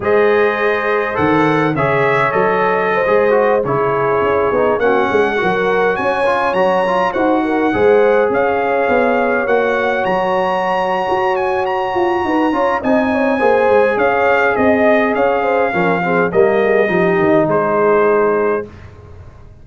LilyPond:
<<
  \new Staff \with { instrumentName = "trumpet" } { \time 4/4 \tempo 4 = 103 dis''2 fis''4 e''4 | dis''2~ dis''16 cis''4.~ cis''16~ | cis''16 fis''2 gis''4 ais''8.~ | ais''16 fis''2 f''4.~ f''16~ |
f''16 fis''4 ais''2~ ais''16 gis''8 | ais''2 gis''2 | f''4 dis''4 f''2 | dis''2 c''2 | }
  \new Staff \with { instrumentName = "horn" } { \time 4/4 c''2. cis''4~ | cis''4 c''4~ c''16 gis'4.~ gis'16~ | gis'16 fis'8 gis'8 ais'4 cis''4.~ cis''16~ | cis''16 c''8 ais'8 c''4 cis''4.~ cis''16~ |
cis''1~ | cis''4 b'8 cis''8 dis''8 cis''8 c''4 | cis''4 dis''4 cis''8 c''8 ais'8 gis'8 | ais'8 gis'8 g'4 gis'2 | }
  \new Staff \with { instrumentName = "trombone" } { \time 4/4 gis'2 a'4 gis'4 | a'4~ a'16 gis'8 fis'8 e'4. dis'16~ | dis'16 cis'4 fis'4. f'8 fis'8 f'16~ | f'16 fis'4 gis'2~ gis'8.~ |
gis'16 fis'2.~ fis'8.~ | fis'4. f'8 dis'4 gis'4~ | gis'2. cis'8 c'8 | ais4 dis'2. | }
  \new Staff \with { instrumentName = "tuba" } { \time 4/4 gis2 dis4 cis4 | fis4~ fis16 gis4 cis4 cis'8 b16~ | b16 ais8 gis8 fis4 cis'4 fis8.~ | fis16 dis'4 gis4 cis'4 b8.~ |
b16 ais4 fis4.~ fis16 fis'4~ | fis'8 f'8 dis'8 cis'8 c'4 ais8 gis8 | cis'4 c'4 cis'4 f4 | g4 f8 dis8 gis2 | }
>>